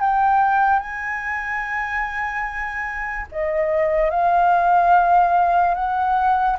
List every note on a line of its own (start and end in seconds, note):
0.00 0.79 G5
0.79 3.26 G#5
3.31 4.10 D#5
4.10 5.74 F5
5.74 6.56 F#5